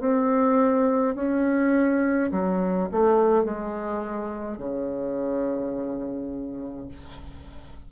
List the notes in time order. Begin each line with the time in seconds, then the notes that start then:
0.00 C4
1.15 C#4
2.31 F#3
2.92 A3
3.44 G#3
4.58 C#3